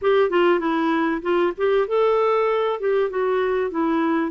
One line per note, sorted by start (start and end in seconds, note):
0.01 0.30 G4
0.30 0.59 F4
0.59 1.21 E4
1.21 1.52 F4
1.57 1.87 G4
1.87 2.80 A4
2.80 3.10 G4
3.10 3.71 F#4
3.71 4.31 E4